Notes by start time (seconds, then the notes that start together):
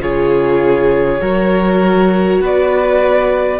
0.00 C#3 F4 G#4 C#5
1.21 F#3 F#4 A#4
2.41 B3 B4 D5